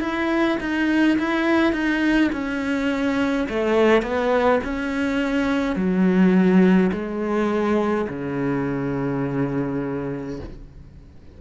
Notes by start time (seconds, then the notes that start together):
0.00 E4
0.60 D#4
1.19 E4
1.73 D#4
2.32 C#4
3.49 A3
4.02 B3
4.64 C#4
5.75 F#3
6.92 G#3
8.09 C#3